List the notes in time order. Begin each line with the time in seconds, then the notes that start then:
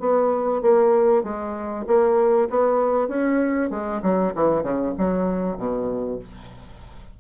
0.00 B3
0.62 A#3
1.24 G#3
1.87 A#3
2.50 B3
3.08 C#4
3.70 G#3
4.02 F#3
4.35 E3
4.63 C#3
4.98 F#3
5.57 B2